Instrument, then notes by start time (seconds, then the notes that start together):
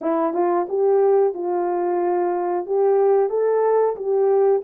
horn
0.01 E4
0.33 F4
0.69 G4
1.34 F4
2.66 G4
3.29 A4
3.96 G4